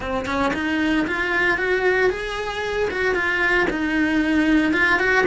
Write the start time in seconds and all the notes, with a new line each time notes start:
0.00 C4
0.26 C#4
0.53 D#4
1.07 F4
1.57 F#4
2.10 G#4
2.90 F#4
3.14 F4
3.69 D#4
4.72 F4
4.99 F#4